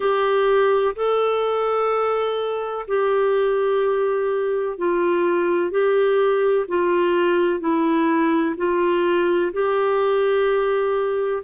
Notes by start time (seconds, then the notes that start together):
0.00 G4
0.95 A4
2.87 G4
4.78 F4
5.70 G4
6.68 F4
7.60 E4
8.56 F4
9.52 G4